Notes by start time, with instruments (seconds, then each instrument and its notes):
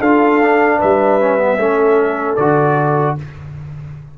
0.00 tuba D4, trombone F4, horn A4, trumpet F5
0.42 trombone D4
0.78 tuba G3, horn B4, trumpet E5
1.21 trombone C#4
1.38 trombone B3
1.58 tuba A3, trombone C#4, horn A4
2.36 tuba D3, trombone F#4, trumpet D5